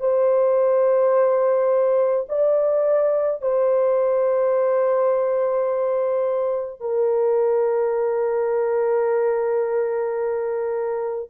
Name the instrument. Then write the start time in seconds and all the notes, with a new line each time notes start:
horn
0.00 C5
2.29 D5
3.42 C5
6.80 A#4